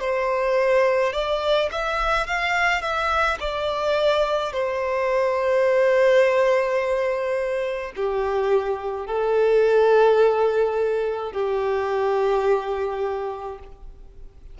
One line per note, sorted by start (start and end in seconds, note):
0.00 1.13 C5
1.13 1.69 D5
1.72 2.27 E5
2.27 2.81 F5
2.81 3.38 E5
3.40 4.53 D5
4.53 7.92 C5
7.96 9.06 G4
9.06 11.33 A4
11.33 13.59 G4